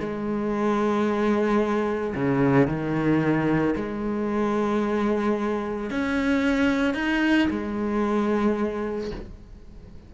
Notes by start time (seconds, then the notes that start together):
0.00 G#3
2.15 C#3
2.67 D#3
3.76 G#3
5.90 C#4
6.94 D#4
7.50 G#3